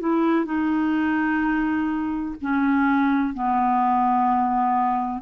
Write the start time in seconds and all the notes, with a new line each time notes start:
0.00 E4
0.45 D#4
2.42 C#4
3.34 B3